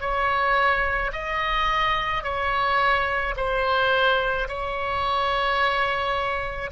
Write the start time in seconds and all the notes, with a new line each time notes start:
0.00 C#5
1.12 D#5
2.23 C#5
3.36 C5
4.48 C#5